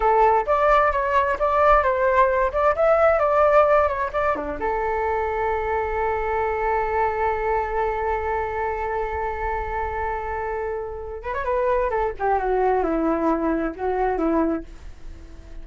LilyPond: \new Staff \with { instrumentName = "flute" } { \time 4/4 \tempo 4 = 131 a'4 d''4 cis''4 d''4 | c''4. d''8 e''4 d''4~ | d''8 cis''8 d''8 d'8 a'2~ | a'1~ |
a'1~ | a'1~ | a'8 b'16 cis''16 b'4 a'8 g'8 fis'4 | e'2 fis'4 e'4 | }